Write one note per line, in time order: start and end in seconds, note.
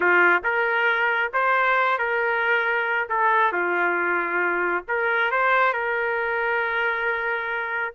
0.00 0.42 F4
0.43 1.31 A#4
1.33 1.98 C5
1.98 3.08 A#4
3.09 3.52 A4
3.52 4.84 F4
4.87 5.31 A#4
5.31 5.73 C5
5.73 7.93 A#4